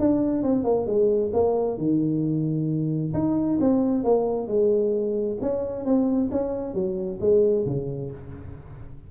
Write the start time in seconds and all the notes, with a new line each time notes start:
0.00 D4
0.43 C4
0.64 A#3
0.87 G#3
1.33 A#3
1.78 D#3
3.14 D#4
3.60 C4
4.04 A#3
4.48 G#3
5.41 C#4
5.85 C4
6.31 C#4
6.74 F#3
7.21 G#3
7.66 C#3